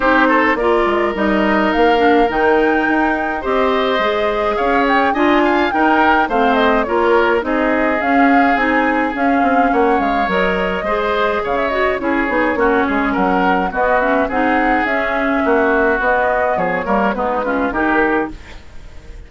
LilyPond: <<
  \new Staff \with { instrumentName = "flute" } { \time 4/4 \tempo 4 = 105 c''4 d''4 dis''4 f''4 | g''2 dis''2 | f''8 g''8 gis''4 g''4 f''8 dis''8 | cis''4 dis''4 f''4 gis''4 |
f''4 fis''8 f''8 dis''2 | f''16 e''16 dis''8 cis''2 fis''4 | dis''8 e''8 fis''4 e''2 | dis''4 cis''4 b'4 ais'4 | }
  \new Staff \with { instrumentName = "oboe" } { \time 4/4 g'8 a'8 ais'2.~ | ais'2 c''2 | cis''4 dis''8 f''8 ais'4 c''4 | ais'4 gis'2.~ |
gis'4 cis''2 c''4 | cis''4 gis'4 fis'8 gis'8 ais'4 | fis'4 gis'2 fis'4~ | fis'4 gis'8 ais'8 dis'8 f'8 g'4 | }
  \new Staff \with { instrumentName = "clarinet" } { \time 4/4 dis'4 f'4 dis'4. d'8 | dis'2 g'4 gis'4~ | gis'4 f'4 dis'4 c'4 | f'4 dis'4 cis'4 dis'4 |
cis'2 ais'4 gis'4~ | gis'8 fis'8 e'8 dis'8 cis'2 | b8 cis'8 dis'4 cis'2 | b4. ais8 b8 cis'8 dis'4 | }
  \new Staff \with { instrumentName = "bassoon" } { \time 4/4 c'4 ais8 gis8 g4 ais4 | dis4 dis'4 c'4 gis4 | cis'4 d'4 dis'4 a4 | ais4 c'4 cis'4 c'4 |
cis'8 c'8 ais8 gis8 fis4 gis4 | cis4 cis'8 b8 ais8 gis8 fis4 | b4 c'4 cis'4 ais4 | b4 f8 g8 gis4 dis4 | }
>>